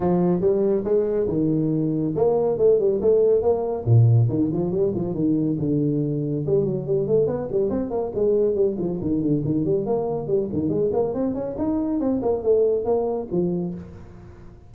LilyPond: \new Staff \with { instrumentName = "tuba" } { \time 4/4 \tempo 4 = 140 f4 g4 gis4 dis4~ | dis4 ais4 a8 g8 a4 | ais4 ais,4 dis8 f8 g8 f8 | dis4 d2 g8 fis8 |
g8 a8 b8 g8 c'8 ais8 gis4 | g8 f8 dis8 d8 dis8 g8 ais4 | g8 dis8 gis8 ais8 c'8 cis'8 dis'4 | c'8 ais8 a4 ais4 f4 | }